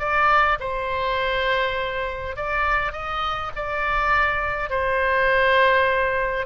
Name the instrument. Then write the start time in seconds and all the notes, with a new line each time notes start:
oboe
0.00 D5
0.60 C5
2.36 D5
2.93 D#5
3.56 D5
4.70 C5